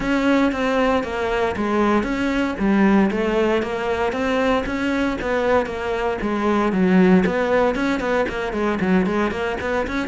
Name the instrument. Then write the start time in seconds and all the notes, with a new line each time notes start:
cello
0.00 C#4
0.52 C4
1.03 A#3
1.56 G#3
2.03 C#4
2.58 G3
3.10 A3
3.62 A#3
4.12 C4
4.66 C#4
5.21 B3
5.65 A#3
6.21 G#3
6.72 F#3
7.26 B3
7.75 C#4
7.99 B3
8.28 A#3
8.53 G#3
8.80 F#3
9.05 G#3
9.31 A#3
9.60 B3
9.87 C#4